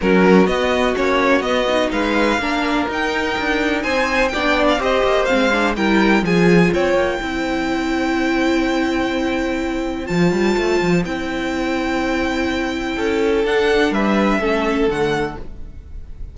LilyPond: <<
  \new Staff \with { instrumentName = "violin" } { \time 4/4 \tempo 4 = 125 ais'4 dis''4 cis''4 dis''4 | f''2 g''2 | gis''4 g''8. f''16 dis''4 f''4 | g''4 gis''4 g''2~ |
g''1~ | g''4 a''2 g''4~ | g''1 | fis''4 e''2 fis''4 | }
  \new Staff \with { instrumentName = "violin" } { \time 4/4 fis'1 | b'4 ais'2. | c''4 d''4 c''2 | ais'4 gis'4 cis''4 c''4~ |
c''1~ | c''1~ | c''2. a'4~ | a'4 b'4 a'2 | }
  \new Staff \with { instrumentName = "viola" } { \time 4/4 cis'4 b4 cis'4 b8 dis'8~ | dis'4 d'4 dis'2~ | dis'4 d'4 g'4 c'8 d'8 | e'4 f'2 e'4~ |
e'1~ | e'4 f'2 e'4~ | e'1 | d'2 cis'4 a4 | }
  \new Staff \with { instrumentName = "cello" } { \time 4/4 fis4 b4 ais4 b4 | gis4 ais4 dis'4 d'4 | c'4 b4 c'8 ais8 gis4 | g4 f4 c'8 ais8 c'4~ |
c'1~ | c'4 f8 g8 a8 f8 c'4~ | c'2. cis'4 | d'4 g4 a4 d4 | }
>>